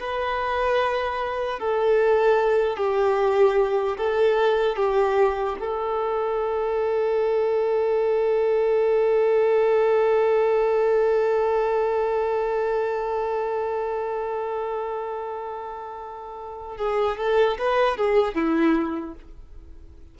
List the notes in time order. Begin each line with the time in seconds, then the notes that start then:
0.00 B4
1.60 A4
2.77 G4
3.98 A4
4.77 G4
5.60 A4
16.78 G#4
17.18 A4
17.59 B4
17.97 G#4
18.35 E4